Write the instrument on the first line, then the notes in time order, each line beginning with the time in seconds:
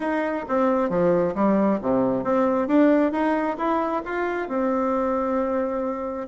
bassoon
0.00 D#4
0.48 C4
0.89 F3
1.35 G3
1.81 C3
2.23 C4
2.67 D4
3.12 D#4
3.57 E4
4.05 F4
4.48 C4